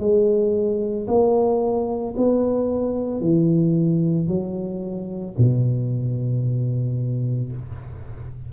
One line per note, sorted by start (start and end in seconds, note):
0.00 1.07 G#3
1.08 2.15 A#3
2.17 3.21 B3
3.21 4.28 E3
4.29 5.36 F#3
5.38 7.52 B2